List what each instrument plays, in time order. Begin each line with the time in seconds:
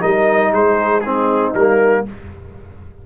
0.00 tuba G3, trombone D#4, horn A#4, trumpet D#5
0.52 tuba G#3, horn G#4, trumpet C5
1.00 trombone C4, horn D#4, trumpet G#4
1.54 tuba G3, trombone A#3, trumpet A#4